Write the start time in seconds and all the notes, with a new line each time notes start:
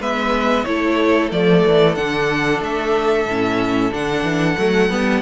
0.00 G#3 B3 B4 E5
0.65 A3 E4 A4 C#5
1.32 F3 A3 D5
1.66 E3
1.96 D3 D4 F#5
2.61 A3 E5
3.26 A2 C#4
3.92 D3 D4 F#5
4.23 E3
4.59 F#3 A3
4.91 G3 B3